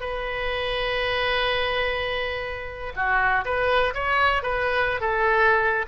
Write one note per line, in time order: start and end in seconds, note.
0.00 2.93 B4
2.96 3.44 F#4
3.45 3.94 B4
3.94 4.42 C#5
4.42 5.00 B4
5.00 5.86 A4